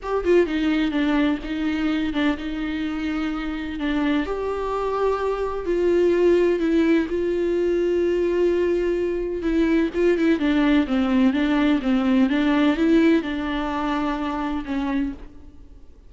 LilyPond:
\new Staff \with { instrumentName = "viola" } { \time 4/4 \tempo 4 = 127 g'8 f'8 dis'4 d'4 dis'4~ | dis'8 d'8 dis'2. | d'4 g'2. | f'2 e'4 f'4~ |
f'1 | e'4 f'8 e'8 d'4 c'4 | d'4 c'4 d'4 e'4 | d'2. cis'4 | }